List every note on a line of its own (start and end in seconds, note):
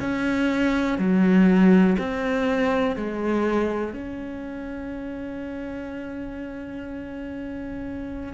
0.00 0.98 C#4
0.98 1.97 F#3
1.98 2.96 C4
2.96 3.93 G#3
3.93 8.33 C#4